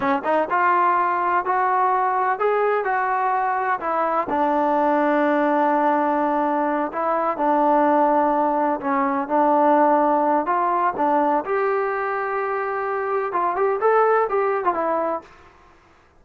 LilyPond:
\new Staff \with { instrumentName = "trombone" } { \time 4/4 \tempo 4 = 126 cis'8 dis'8 f'2 fis'4~ | fis'4 gis'4 fis'2 | e'4 d'2.~ | d'2~ d'8 e'4 d'8~ |
d'2~ d'8 cis'4 d'8~ | d'2 f'4 d'4 | g'1 | f'8 g'8 a'4 g'8. f'16 e'4 | }